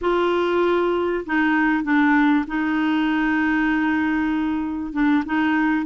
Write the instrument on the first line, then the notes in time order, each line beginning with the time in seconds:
clarinet
0.01 F4
1.25 D#4
1.83 D4
2.47 D#4
4.92 D4
5.25 D#4